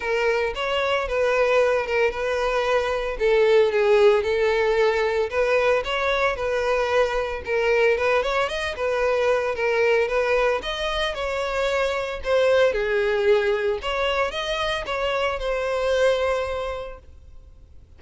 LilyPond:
\new Staff \with { instrumentName = "violin" } { \time 4/4 \tempo 4 = 113 ais'4 cis''4 b'4. ais'8 | b'2 a'4 gis'4 | a'2 b'4 cis''4 | b'2 ais'4 b'8 cis''8 |
dis''8 b'4. ais'4 b'4 | dis''4 cis''2 c''4 | gis'2 cis''4 dis''4 | cis''4 c''2. | }